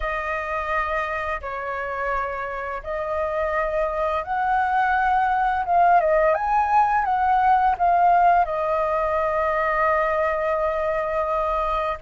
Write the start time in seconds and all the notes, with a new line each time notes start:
0.00 D#5
1.41 C#5
2.83 D#5
4.23 F#5
5.65 F5
6.00 D#5
6.34 G#5
7.05 F#5
7.78 F5
8.45 D#5